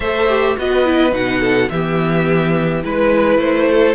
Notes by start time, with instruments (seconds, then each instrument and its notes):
0.00 cello A3, viola A4, violin C5 E5
0.29 viola G4
0.57 cello B3, viola F#4, violin B4 D#5
0.85 viola E4
1.11 cello B2, viola D#4, violin F#5
1.40 violin A4
1.69 cello E3, viola B3, violin G4 E5
2.83 cello G#3, viola E4, violin B4
3.37 cello A3, violin C5
3.71 violin A4